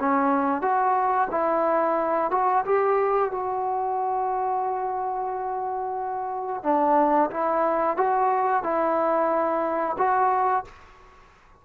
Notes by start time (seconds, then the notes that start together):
0.00 C#4
0.62 F#4
1.31 E4
2.31 F#4
2.65 G4
3.32 F#4
6.63 D4
7.31 E4
7.97 F#4
8.63 E4
9.98 F#4